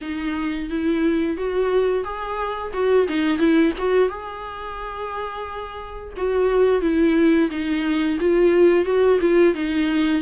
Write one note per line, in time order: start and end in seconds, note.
0.01 0.69 D#4
0.69 1.37 E4
1.37 2.03 F#4
2.03 2.71 G#4
2.73 3.07 F#4
3.08 3.38 D#4
3.38 3.72 E4
3.77 4.08 F#4
4.08 6.13 G#4
6.16 6.81 F#4
6.81 7.49 E4
7.50 8.18 D#4
8.19 8.85 F4
8.85 9.19 F#4
9.20 9.54 F4
9.54 10.22 D#4